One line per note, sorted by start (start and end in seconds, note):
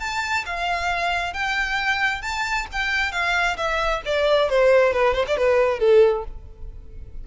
0.00 0.45 A5
0.46 1.34 F5
1.34 2.22 G5
2.22 2.67 A5
2.72 3.12 G5
3.12 3.57 F5
3.57 4.02 E5
4.06 4.50 D5
4.50 4.93 C5
4.93 5.15 B4
5.15 5.26 C5
5.28 5.37 D5
5.37 5.79 B4
5.79 6.24 A4